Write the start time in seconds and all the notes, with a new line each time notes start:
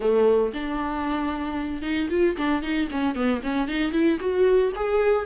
0.00 A3
0.53 D4
1.82 D#4
2.10 F4
2.37 D4
2.62 D#4
2.91 C#4
3.15 B3
3.43 C#4
3.67 D#4
3.92 E4
4.19 F#4
4.75 G#4